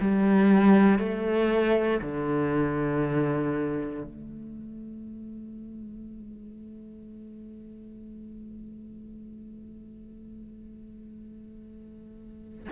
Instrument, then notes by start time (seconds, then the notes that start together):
cello
0.00 G3
0.98 A3
2.01 D3
4.03 A3